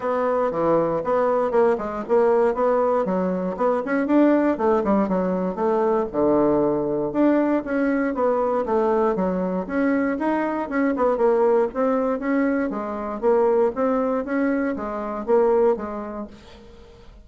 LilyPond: \new Staff \with { instrumentName = "bassoon" } { \time 4/4 \tempo 4 = 118 b4 e4 b4 ais8 gis8 | ais4 b4 fis4 b8 cis'8 | d'4 a8 g8 fis4 a4 | d2 d'4 cis'4 |
b4 a4 fis4 cis'4 | dis'4 cis'8 b8 ais4 c'4 | cis'4 gis4 ais4 c'4 | cis'4 gis4 ais4 gis4 | }